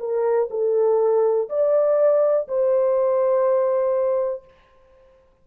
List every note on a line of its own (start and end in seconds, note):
0.00 0.49 A#4
0.51 1.49 A4
1.50 2.48 D5
2.48 4.45 C5